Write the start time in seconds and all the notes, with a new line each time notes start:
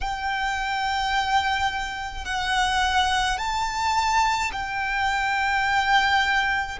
0.01 G5
2.25 F#5
3.38 A5
4.52 G5